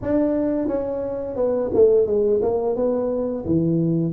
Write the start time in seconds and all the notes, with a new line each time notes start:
0.02 D4
0.67 C#4
1.35 B3
1.74 A3
2.06 G#3
2.41 A#3
2.76 B3
3.45 E3